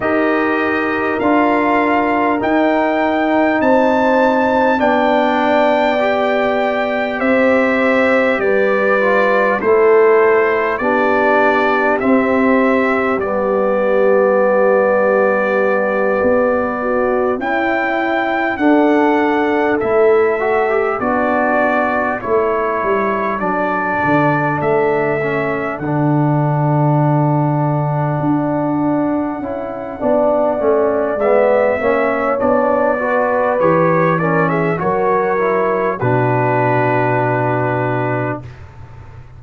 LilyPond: <<
  \new Staff \with { instrumentName = "trumpet" } { \time 4/4 \tempo 4 = 50 dis''4 f''4 g''4 a''4 | g''2 e''4 d''4 | c''4 d''4 e''4 d''4~ | d''2~ d''8 g''4 fis''8~ |
fis''8 e''4 d''4 cis''4 d''8~ | d''8 e''4 fis''2~ fis''8~ | fis''2 e''4 d''4 | cis''8 d''16 e''16 cis''4 b'2 | }
  \new Staff \with { instrumentName = "horn" } { \time 4/4 ais'2. c''4 | d''2 c''4 b'4 | a'4 g'2.~ | g'2 fis'8 e'4 a'8~ |
a'4. d'4 a'4.~ | a'1~ | a'4 d''4. cis''4 b'8~ | b'8 ais'16 gis'16 ais'4 fis'2 | }
  \new Staff \with { instrumentName = "trombone" } { \time 4/4 g'4 f'4 dis'2 | d'4 g'2~ g'8 f'8 | e'4 d'4 c'4 b4~ | b2~ b8 e'4 d'8~ |
d'8 e'8 fis'16 g'16 fis'4 e'4 d'8~ | d'4 cis'8 d'2~ d'8~ | d'8 e'8 d'8 cis'8 b8 cis'8 d'8 fis'8 | g'8 cis'8 fis'8 e'8 d'2 | }
  \new Staff \with { instrumentName = "tuba" } { \time 4/4 dis'4 d'4 dis'4 c'4 | b2 c'4 g4 | a4 b4 c'4 g4~ | g4. b4 cis'4 d'8~ |
d'8 a4 b4 a8 g8 fis8 | d8 a4 d2 d'8~ | d'8 cis'8 b8 a8 gis8 ais8 b4 | e4 fis4 b,2 | }
>>